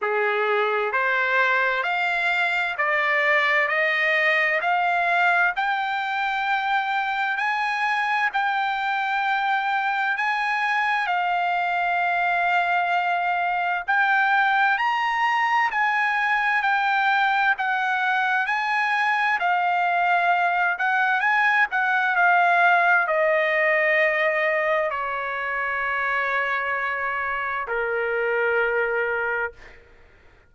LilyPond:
\new Staff \with { instrumentName = "trumpet" } { \time 4/4 \tempo 4 = 65 gis'4 c''4 f''4 d''4 | dis''4 f''4 g''2 | gis''4 g''2 gis''4 | f''2. g''4 |
ais''4 gis''4 g''4 fis''4 | gis''4 f''4. fis''8 gis''8 fis''8 | f''4 dis''2 cis''4~ | cis''2 ais'2 | }